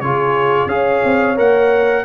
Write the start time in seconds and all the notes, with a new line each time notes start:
0.00 C#3 F4 G#4 C#5
0.66 C#4 G#4 C#5 F5
1.04 C4
1.36 A#3 A#4 F#5